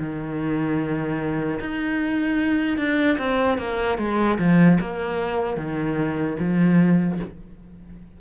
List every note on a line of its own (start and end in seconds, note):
0.00 1.60 D#3
1.60 2.77 D#4
2.77 3.17 D4
3.19 3.58 C4
3.58 3.98 A#3
3.98 4.38 G#3
4.39 4.79 F3
4.80 5.57 A#3
5.57 6.37 D#3
6.39 7.19 F3